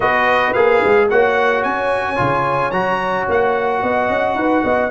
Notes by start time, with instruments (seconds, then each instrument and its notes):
0.00 tuba B3, trombone F#4, horn B4, trumpet D#5
0.53 tuba A#3, trombone G#4, trumpet F5
0.84 tuba G#3
1.09 tuba A#3, trombone F#4, horn C#5, trumpet F#5
1.63 tuba C#4, trumpet G#5
2.16 tuba C#3, trombone F4
2.71 tuba F#3, trombone F#4, trumpet A#5
3.29 tuba A#3, trumpet F#5
3.82 tuba B3, horn D#5
4.09 tuba C#4
4.35 tuba D#4, horn B4
4.63 tuba B3, horn D#5